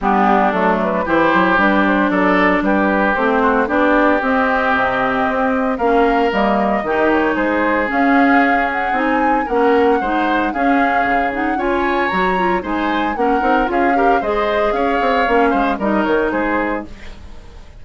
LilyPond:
<<
  \new Staff \with { instrumentName = "flute" } { \time 4/4 \tempo 4 = 114 g'4 a'8 b'8 c''4 b'8 c''8 | d''4 b'4 c''4 d''4 | dis''2. f''4 | dis''4. cis''8 c''4 f''4~ |
f''8 fis''8 gis''4 fis''2 | f''4. fis''8 gis''4 ais''4 | gis''4 fis''4 f''4 dis''4 | f''2 dis''8 cis''8 c''4 | }
  \new Staff \with { instrumentName = "oboe" } { \time 4/4 d'2 g'2 | a'4 g'4. fis'8 g'4~ | g'2. ais'4~ | ais'4 g'4 gis'2~ |
gis'2 ais'4 c''4 | gis'2 cis''2 | c''4 ais'4 gis'8 ais'8 c''4 | cis''4. c''8 ais'4 gis'4 | }
  \new Staff \with { instrumentName = "clarinet" } { \time 4/4 b4 a4 e'4 d'4~ | d'2 c'4 d'4 | c'2. cis'4 | ais4 dis'2 cis'4~ |
cis'4 dis'4 cis'4 dis'4 | cis'4. dis'8 f'4 fis'8 f'8 | dis'4 cis'8 dis'8 f'8 g'8 gis'4~ | gis'4 cis'4 dis'2 | }
  \new Staff \with { instrumentName = "bassoon" } { \time 4/4 g4 fis4 e8 fis8 g4 | fis4 g4 a4 b4 | c'4 c4 c'4 ais4 | g4 dis4 gis4 cis'4~ |
cis'4 c'4 ais4 gis4 | cis'4 cis4 cis'4 fis4 | gis4 ais8 c'8 cis'4 gis4 | cis'8 c'8 ais8 gis8 g8 dis8 gis4 | }
>>